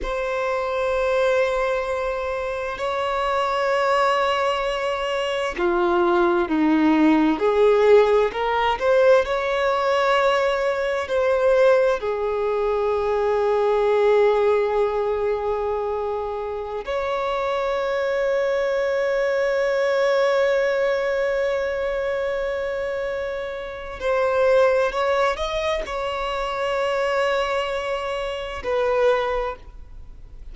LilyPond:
\new Staff \with { instrumentName = "violin" } { \time 4/4 \tempo 4 = 65 c''2. cis''4~ | cis''2 f'4 dis'4 | gis'4 ais'8 c''8 cis''2 | c''4 gis'2.~ |
gis'2~ gis'16 cis''4.~ cis''16~ | cis''1~ | cis''2 c''4 cis''8 dis''8 | cis''2. b'4 | }